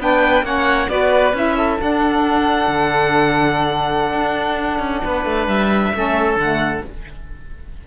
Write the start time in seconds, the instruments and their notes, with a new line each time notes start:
0.00 cello B3, saxophone D4, oboe B4, violin G5
0.43 cello A#3, saxophone C#4, oboe C#5, violin F#5
0.88 cello B3, saxophone F#4, oboe B4, violin D5
1.33 cello C#4, saxophone E4, violin E5
1.58 oboe A4
1.80 saxophone D4, cello D4, violin F#5
2.68 cello D3
4.13 cello D4
4.80 cello C#4
5.04 cello B3, oboe B4
5.25 cello A3
5.48 cello G3, violin E5
5.94 cello A3, saxophone C#4, oboe A4
6.37 cello D3, saxophone A3, violin F#5